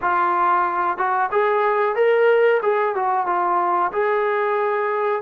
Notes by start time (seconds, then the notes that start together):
0.01 F4
0.97 F#4
1.31 G#4
1.95 A#4
2.62 G#4
2.95 F#4
3.26 F4
3.92 G#4